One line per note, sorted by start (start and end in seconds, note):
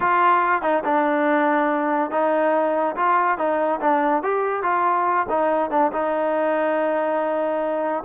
0.00 0.61 F4
0.61 0.83 D#4
0.84 2.10 D4
2.10 2.95 D#4
2.96 3.37 F4
3.37 3.80 D#4
3.80 4.23 D4
4.23 4.62 G4
4.62 5.26 F4
5.29 5.70 D#4
5.70 5.91 D4
5.92 8.03 D#4